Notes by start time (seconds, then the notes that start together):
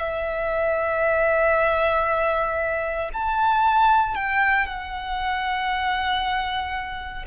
0.00 E5
3.14 A5
4.15 G5
4.67 F#5